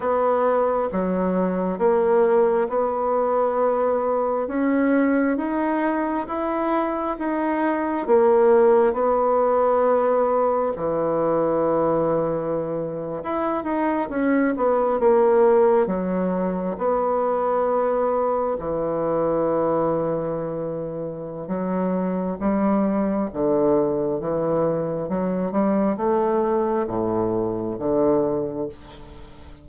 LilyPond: \new Staff \with { instrumentName = "bassoon" } { \time 4/4 \tempo 4 = 67 b4 fis4 ais4 b4~ | b4 cis'4 dis'4 e'4 | dis'4 ais4 b2 | e2~ e8. e'8 dis'8 cis'16~ |
cis'16 b8 ais4 fis4 b4~ b16~ | b8. e2.~ e16 | fis4 g4 d4 e4 | fis8 g8 a4 a,4 d4 | }